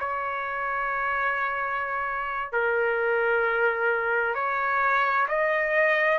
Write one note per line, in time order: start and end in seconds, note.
0.00 2.53 C#5
2.53 4.35 A#4
4.35 5.27 C#5
5.29 6.19 D#5